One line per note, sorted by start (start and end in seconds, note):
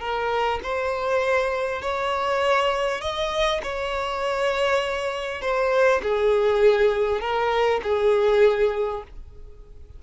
0.00 0.60 A#4
0.63 1.82 C5
1.82 3.01 C#5
3.01 3.61 D#5
3.63 5.42 C#5
5.42 6.02 C5
6.03 7.21 G#4
7.21 7.81 A#4
7.83 9.03 G#4